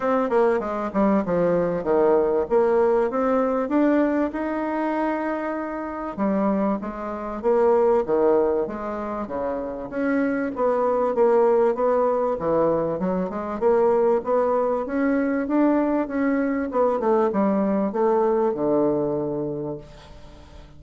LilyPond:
\new Staff \with { instrumentName = "bassoon" } { \time 4/4 \tempo 4 = 97 c'8 ais8 gis8 g8 f4 dis4 | ais4 c'4 d'4 dis'4~ | dis'2 g4 gis4 | ais4 dis4 gis4 cis4 |
cis'4 b4 ais4 b4 | e4 fis8 gis8 ais4 b4 | cis'4 d'4 cis'4 b8 a8 | g4 a4 d2 | }